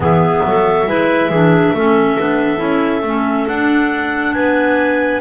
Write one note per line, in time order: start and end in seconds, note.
0.00 0.41 E3
0.00 0.86 B3
0.00 0.44 G#4
0.00 3.47 E5
0.44 0.86 F#3
0.44 0.89 A4
0.86 1.29 G#3
0.86 1.30 E4
0.86 1.30 B4
1.29 1.72 E3
1.29 1.76 D4
1.29 1.73 G#4
1.74 2.17 A3
1.74 2.19 C#4
1.74 4.34 A4
2.19 2.60 B3
2.19 2.57 D4
2.57 3.02 C#4
2.57 3.00 E4
3.02 3.46 A3
3.02 3.47 C#4
3.47 5.20 D4
3.47 4.35 D4
3.47 4.34 F#5
4.34 5.20 B3
4.34 5.20 B4
4.34 5.20 G#5